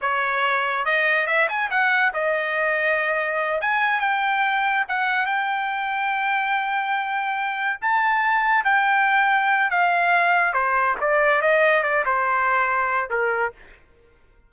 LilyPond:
\new Staff \with { instrumentName = "trumpet" } { \time 4/4 \tempo 4 = 142 cis''2 dis''4 e''8 gis''8 | fis''4 dis''2.~ | dis''8 gis''4 g''2 fis''8~ | fis''8 g''2.~ g''8~ |
g''2~ g''8 a''4.~ | a''8 g''2~ g''8 f''4~ | f''4 c''4 d''4 dis''4 | d''8 c''2~ c''8 ais'4 | }